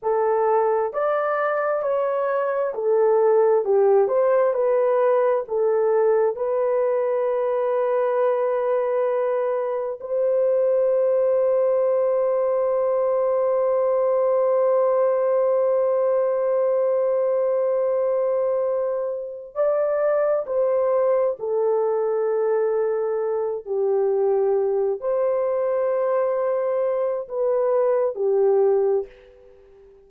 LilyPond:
\new Staff \with { instrumentName = "horn" } { \time 4/4 \tempo 4 = 66 a'4 d''4 cis''4 a'4 | g'8 c''8 b'4 a'4 b'4~ | b'2. c''4~ | c''1~ |
c''1~ | c''4. d''4 c''4 a'8~ | a'2 g'4. c''8~ | c''2 b'4 g'4 | }